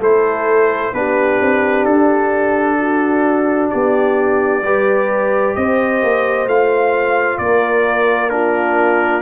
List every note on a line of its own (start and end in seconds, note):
0.00 0.92 A3
0.00 0.94 E4
0.00 0.93 A4
0.00 0.95 C5
0.94 1.40 B3
0.94 4.63 D4
0.94 2.80 G4
0.94 1.85 B4
1.41 1.86 C4
1.85 3.70 D4
1.85 3.70 A4
2.80 3.71 F#4
3.71 4.63 B3
3.71 4.64 G4
3.71 5.56 D5
4.63 5.55 G3
4.63 6.49 G4
4.63 5.56 B4
5.56 6.03 C4
5.56 7.41 C5
5.56 6.48 D#5
6.03 6.47 A#3
6.47 7.39 A3
6.47 8.30 F4
6.47 7.38 F5
7.38 9.22 A#3
7.38 8.33 A#4
7.38 8.30 D5
8.30 9.22 D4
8.30 9.22 F4
8.30 9.22 A#4